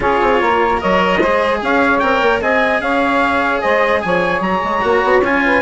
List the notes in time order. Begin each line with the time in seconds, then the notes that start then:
0.00 C#4 F4 G#4 C#5
0.21 C4
0.41 A#3 A#4
0.77 A#4 C#5 D#5
0.83 F#3
1.19 G#3 G#4 C5
1.62 C#4 C#5 F5
1.99 C4 A#4 G5
2.21 A#3
2.41 C4 G#4 D#5 G#5
2.80 C#4 C#5 F5
3.61 G#3 C5 D#5
4.01 F3 C#5 G#5
4.40 F#3 A#5
4.64 G#3
4.81 A#3 F#4
5.03 B3
5.22 C#4 F4 G#5
5.44 B4